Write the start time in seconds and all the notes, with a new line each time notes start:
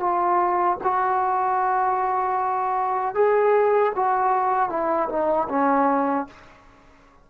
0.00 F4
0.84 F#4
3.15 G#4
3.96 F#4
4.70 E4
5.09 D#4
5.49 C#4